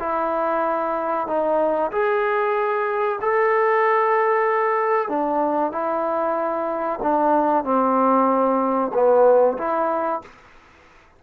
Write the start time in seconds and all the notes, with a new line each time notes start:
0.00 E4
1.28 D#4
1.92 G#4
3.21 A4
5.09 D4
5.72 E4
7.03 D4
7.65 C4
8.94 B3
9.58 E4